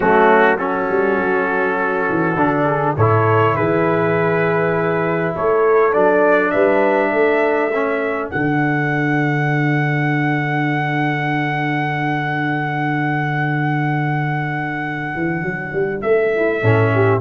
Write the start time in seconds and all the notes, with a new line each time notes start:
0.00 F#3 A3 C#4 F#4
0.58 C#4 F#4 A4
0.89 G3
1.19 F#3
2.09 E3
2.36 D3 D4
2.65 G#4
2.96 A2 E4 A4 C#5
3.55 E3 G#4 B4
5.36 A3 A4 C#5
5.93 F#3 D4 D5
6.50 G3 B4 E5
7.12 A3 A4
7.73 C#4
8.30 D3 D4 F#5
15.15 E3
15.42 F#3
15.72 G3
16.01 A3 E5
16.35 E4
16.62 A2 C#4 A4
16.94 G4